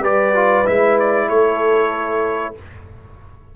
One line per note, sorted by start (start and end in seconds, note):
0.00 0.63 G3
0.00 0.35 G4
0.00 1.27 B4
0.00 0.67 D5
0.35 0.66 F4
0.66 1.29 G#3
0.66 2.55 E4
0.66 0.99 E5
0.99 1.29 D5
1.29 2.56 A3
1.29 2.55 A4
1.29 2.55 C#5